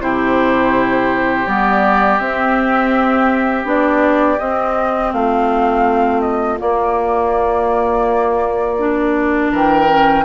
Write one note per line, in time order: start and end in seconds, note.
0.00 1.46 C3
0.00 1.46 E4
0.00 5.15 G4
0.00 1.47 C5
1.46 2.20 G3
1.46 2.20 B3
1.46 2.20 D5
2.20 3.65 C4
2.20 3.66 E5
3.65 4.38 B3
3.65 4.38 D4
3.65 4.39 D5
4.39 5.13 C4
4.39 6.58 C4
4.39 5.12 D#5
5.13 6.60 A3
5.13 9.51 F4
5.13 6.21 F5
6.21 6.58 D#5
6.58 8.77 A#3
6.58 9.52 A#3
6.58 9.53 D5
8.79 9.88 D4
9.51 10.25 E3
9.51 10.25 A#4
9.51 10.25 G5
9.88 10.25 C#4